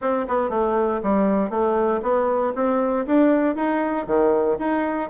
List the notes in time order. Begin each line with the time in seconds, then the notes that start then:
0.01 C4
0.28 B3
0.49 A3
1.02 G3
1.50 A3
2.02 B3
2.55 C4
3.06 D4
3.55 D#4
4.07 D#3
4.59 D#4